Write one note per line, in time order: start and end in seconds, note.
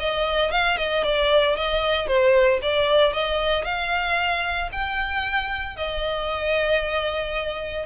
0.00 0.51 D#5
0.51 0.78 F5
0.78 1.04 D#5
1.04 1.56 D5
1.56 2.08 D#5
2.08 2.60 C5
2.63 3.14 D5
3.14 3.65 D#5
3.65 4.70 F5
4.72 5.77 G5
5.77 7.87 D#5